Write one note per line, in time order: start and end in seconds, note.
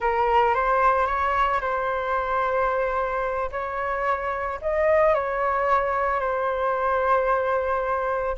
0.00 0.54 A#4
0.54 1.06 C5
1.06 1.60 C#5
1.60 3.50 C5
3.51 4.59 C#5
4.61 5.14 D#5
5.14 6.20 C#5
6.20 8.36 C5